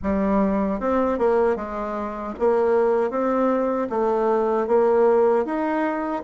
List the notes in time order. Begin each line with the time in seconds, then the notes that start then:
0.02 G3
0.80 C4
1.18 A#3
1.56 G#3
2.39 A#3
3.10 C4
3.89 A3
4.67 A#3
5.45 D#4